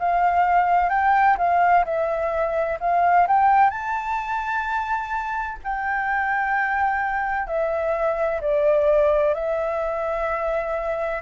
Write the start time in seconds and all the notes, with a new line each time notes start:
0.00 F5
0.90 G5
1.38 F5
1.85 E5
2.80 F5
3.28 G5
3.70 A5
5.64 G5
7.47 E5
8.42 D5
9.35 E5